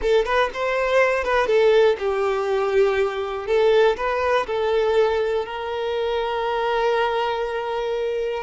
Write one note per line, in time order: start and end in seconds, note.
0.01 0.25 A4
0.25 0.50 B4
0.53 1.24 C5
1.24 1.47 B4
1.47 1.96 A4
1.98 3.47 G4
3.47 3.96 A4
3.96 4.46 B4
4.46 5.45 A4
5.45 8.43 A#4